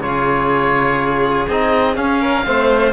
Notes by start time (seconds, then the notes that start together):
0.00 C#3 F4 G#4 C#5
1.48 C4 D#4 D#5
1.95 C#4 F5
2.21 A#4
2.44 A3 C4 C5